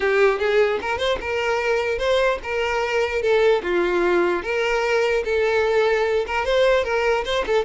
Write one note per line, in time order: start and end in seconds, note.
0.00 0.39 G4
0.39 0.79 G#4
0.81 0.98 A#4
0.98 1.18 C5
1.21 1.98 A#4
1.98 2.38 C5
2.43 3.21 A#4
3.21 3.62 A4
3.63 4.43 F4
4.43 5.23 A#4
5.24 6.25 A4
6.27 6.45 A#4
6.45 6.84 C5
6.84 7.24 A#4
7.24 7.45 C5
7.46 7.64 A4